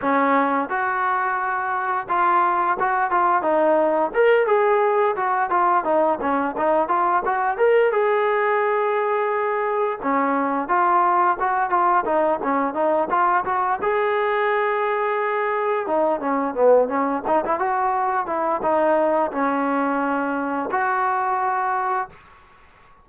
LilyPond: \new Staff \with { instrumentName = "trombone" } { \time 4/4 \tempo 4 = 87 cis'4 fis'2 f'4 | fis'8 f'8 dis'4 ais'8 gis'4 fis'8 | f'8 dis'8 cis'8 dis'8 f'8 fis'8 ais'8 gis'8~ | gis'2~ gis'8 cis'4 f'8~ |
f'8 fis'8 f'8 dis'8 cis'8 dis'8 f'8 fis'8 | gis'2. dis'8 cis'8 | b8 cis'8 dis'16 e'16 fis'4 e'8 dis'4 | cis'2 fis'2 | }